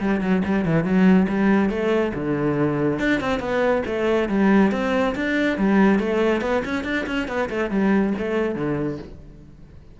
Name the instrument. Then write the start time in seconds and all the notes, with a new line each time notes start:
cello
0.00 G3
0.21 F#3
0.45 G3
0.65 E3
0.84 F#3
1.28 G3
1.70 A3
2.14 D3
2.99 D4
3.20 C4
3.40 B3
3.86 A3
4.29 G3
4.72 C4
5.15 D4
5.58 G3
5.99 A3
6.41 B3
6.65 C#4
6.84 D4
7.06 C#4
7.28 B3
7.49 A3
7.70 G3
8.18 A3
8.55 D3